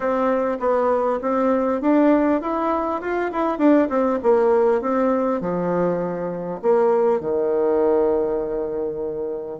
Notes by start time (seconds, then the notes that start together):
0.00 C4
0.59 B3
1.21 C4
1.81 D4
2.41 E4
3.01 F4
3.32 E4
3.58 D4
3.89 C4
4.22 A#3
4.81 C4
5.40 F3
6.62 A#3
7.20 D#3